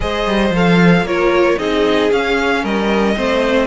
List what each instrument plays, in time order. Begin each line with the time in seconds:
0.00 cello G#3, viola G#4, violin C5 D#5
0.26 cello G3
0.50 cello F3, viola A4
0.56 violin F5
1.03 cello A#3, viola F4, violin A#4 C#5
1.58 cello C4, viola D#4, violin G#4 D#5
2.10 viola C#4, cello C#4, violin F5
2.62 cello G3, violin A#4 D#5
3.15 cello A3, viola C4, violin C5